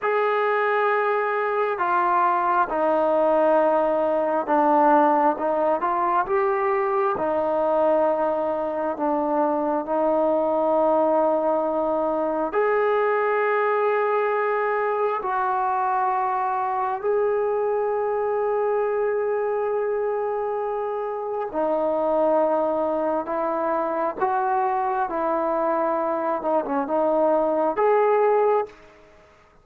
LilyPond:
\new Staff \with { instrumentName = "trombone" } { \time 4/4 \tempo 4 = 67 gis'2 f'4 dis'4~ | dis'4 d'4 dis'8 f'8 g'4 | dis'2 d'4 dis'4~ | dis'2 gis'2~ |
gis'4 fis'2 gis'4~ | gis'1 | dis'2 e'4 fis'4 | e'4. dis'16 cis'16 dis'4 gis'4 | }